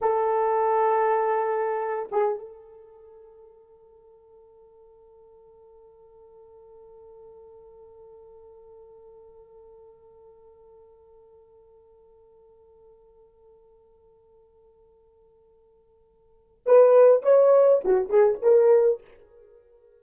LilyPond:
\new Staff \with { instrumentName = "horn" } { \time 4/4 \tempo 4 = 101 a'2.~ a'8 gis'8 | a'1~ | a'1~ | a'1~ |
a'1~ | a'1~ | a'1 | b'4 cis''4 fis'8 gis'8 ais'4 | }